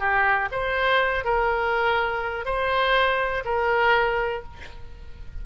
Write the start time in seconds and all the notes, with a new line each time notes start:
0.00 G4
0.52 C5
1.25 A#4
2.45 C5
3.45 A#4